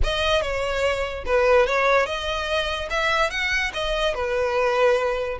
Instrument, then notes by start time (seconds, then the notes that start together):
violin
0.03 D#5
0.41 C#5
1.25 B4
1.66 C#5
2.06 D#5
2.89 E5
3.30 F#5
3.73 D#5
4.14 B4